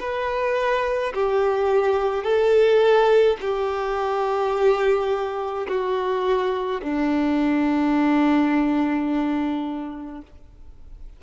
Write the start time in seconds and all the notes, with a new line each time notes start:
0.00 B4
1.14 G4
2.23 A4
3.41 G4
5.68 F#4
6.82 D4